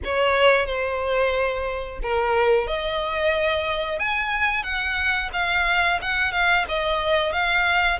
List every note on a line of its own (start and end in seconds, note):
0.04 0.66 C#5
0.66 1.99 C5
2.02 2.67 A#4
2.67 3.98 D#5
3.98 4.63 G#5
4.63 5.29 F#5
5.32 5.99 F5
6.02 6.32 F#5
6.32 6.65 F5
6.68 7.32 D#5
7.32 7.98 F5